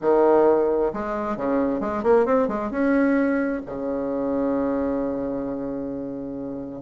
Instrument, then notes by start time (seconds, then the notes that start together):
bassoon
0.01 D#3
0.93 G#3
1.37 C#3
1.80 G#3
2.03 A#3
2.25 C4
2.48 G#3
2.70 C#4
3.66 C#3